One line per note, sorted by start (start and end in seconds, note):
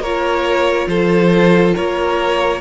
0.00 0.86 A#3
0.00 2.60 F4
0.00 0.87 A#4
0.00 0.88 C#5
0.87 1.73 F3
0.87 1.75 A4
0.87 1.73 C5
1.75 2.60 A#3
1.75 2.60 A#4
1.75 2.60 C#5